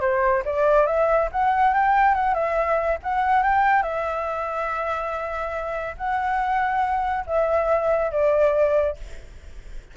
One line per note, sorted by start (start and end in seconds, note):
0.00 0.43 C5
0.45 0.86 D5
0.86 1.29 E5
1.32 1.74 F#5
1.74 2.14 G5
2.14 2.34 F#5
2.34 2.98 E5
3.03 3.43 F#5
3.43 3.82 G5
3.82 5.95 E5
5.97 7.25 F#5
7.26 8.11 E5
8.11 8.96 D5